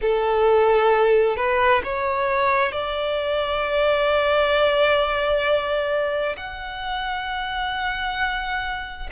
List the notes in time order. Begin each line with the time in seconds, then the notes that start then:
0.01 A4
1.36 B4
1.83 C#5
2.72 D5
6.36 F#5